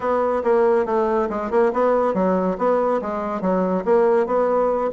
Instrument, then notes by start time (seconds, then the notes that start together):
bassoon
0.00 B3
0.43 A#3
0.85 A3
1.29 G#3
1.50 A#3
1.73 B3
2.14 F#3
2.57 B3
3.01 G#3
3.41 F#3
3.84 A#3
4.26 B3